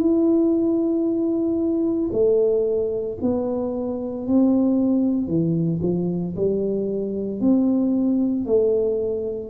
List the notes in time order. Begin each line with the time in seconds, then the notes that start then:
0.00 E4
2.13 A3
3.22 B3
4.27 C4
5.28 E3
5.83 F3
6.36 G3
7.41 C4
8.46 A3